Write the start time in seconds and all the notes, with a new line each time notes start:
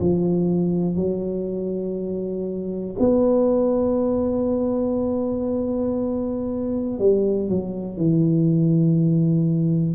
0.00 F3
0.95 F#3
2.99 B3
6.99 G3
7.48 F#3
7.97 E3